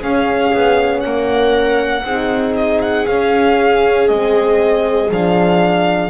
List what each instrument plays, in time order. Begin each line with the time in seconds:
0.00 horn C#4, double bass C#4, viola G#4, violin F5
0.53 double bass B3
1.00 double bass A#3, viola A#4, violin F#5
2.04 double bass C4, horn D#4, viola G#4
2.56 violin D#5
2.81 violin F#5
3.06 horn C#4, double bass C#4, violin F5
4.08 double bass G#3, horn C4, violin D#5
5.10 double bass F3, horn D4, violin F5